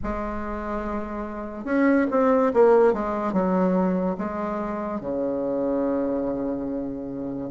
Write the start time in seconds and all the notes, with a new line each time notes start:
0.03 G#3
1.64 C#4
2.10 C4
2.53 A#3
2.93 G#3
3.33 F#3
4.17 G#3
5.00 C#3